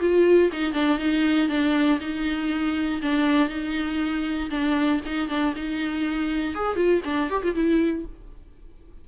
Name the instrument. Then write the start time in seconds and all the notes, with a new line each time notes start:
viola
0.00 F4
0.52 D#4
0.73 D4
0.98 D#4
1.49 D4
2.00 D#4
3.02 D4
3.49 D#4
4.50 D4
5.06 D#4
5.29 D4
5.56 D#4
6.55 G#4
6.76 F4
7.05 D4
7.30 G4
7.43 F4
7.55 E4